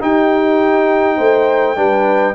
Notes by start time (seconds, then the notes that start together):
0.00 D#4 G4 G5
1.17 A3 C5
1.76 G3 D4 B4